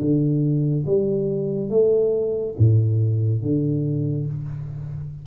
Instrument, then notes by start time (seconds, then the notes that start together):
tuba
0.00 D3
0.86 G3
1.69 A3
2.58 A2
3.42 D3